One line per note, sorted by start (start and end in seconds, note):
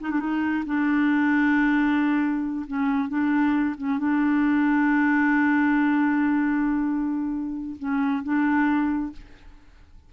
0.00 0.11 D#4
0.11 0.20 D4
0.20 0.64 D#4
0.65 2.65 D4
2.67 3.09 C#4
3.09 3.75 D4
3.77 3.98 C#4
3.98 7.76 D4
7.79 8.23 C#4
8.23 9.12 D4